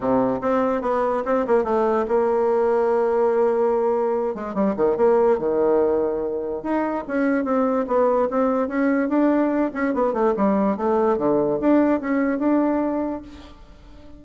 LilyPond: \new Staff \with { instrumentName = "bassoon" } { \time 4/4 \tempo 4 = 145 c4 c'4 b4 c'8 ais8 | a4 ais2.~ | ais2~ ais8 gis8 g8 dis8 | ais4 dis2. |
dis'4 cis'4 c'4 b4 | c'4 cis'4 d'4. cis'8 | b8 a8 g4 a4 d4 | d'4 cis'4 d'2 | }